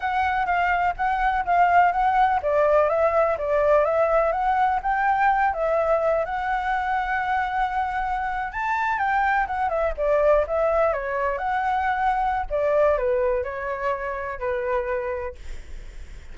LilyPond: \new Staff \with { instrumentName = "flute" } { \time 4/4 \tempo 4 = 125 fis''4 f''4 fis''4 f''4 | fis''4 d''4 e''4 d''4 | e''4 fis''4 g''4. e''8~ | e''4 fis''2.~ |
fis''4.~ fis''16 a''4 g''4 fis''16~ | fis''16 e''8 d''4 e''4 cis''4 fis''16~ | fis''2 d''4 b'4 | cis''2 b'2 | }